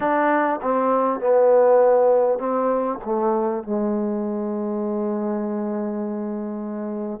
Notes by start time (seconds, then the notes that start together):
0.00 D4
0.62 C4
1.19 B3
2.38 C4
3.04 A3
3.63 G#3